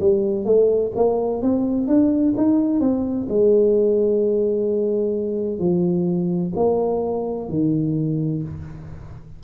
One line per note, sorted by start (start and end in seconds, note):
0.00 0.45 G3
0.45 0.92 A3
0.96 1.42 A#3
1.42 1.87 C4
1.87 2.34 D4
2.37 2.81 D#4
2.81 3.28 C4
3.29 5.60 G#3
5.60 6.53 F3
6.56 7.50 A#3
7.50 8.43 D#3